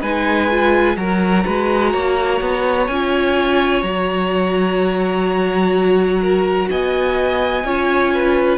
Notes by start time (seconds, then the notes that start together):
0.00 G#3 D#4 B4 G#5
0.50 F4
0.96 F#3 F#4 A#4 A#5
1.44 G#3 B4
1.91 A#3 C#5
2.40 B3
2.87 C#4 F4 G#5
3.82 F#3 F#4 A#5
6.21 A#4
6.70 B3 D#5 G#5
7.63 C#4 F4 C#5
8.13 B4